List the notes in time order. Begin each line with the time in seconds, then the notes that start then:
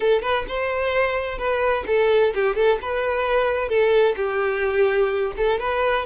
0.00 A4
0.22 B4
0.48 C5
1.37 B4
1.86 A4
2.34 G4
2.55 A4
2.81 B4
3.68 A4
4.16 G4
5.36 A4
5.59 B4